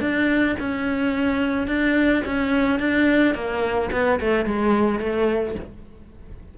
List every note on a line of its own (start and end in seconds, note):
0.00 0.56 D4
0.59 1.67 C#4
1.67 2.22 D4
2.25 2.79 C#4
2.79 3.34 D4
3.34 3.90 A#3
3.92 4.19 B3
4.20 4.45 A3
4.45 4.99 G#3
4.99 5.55 A3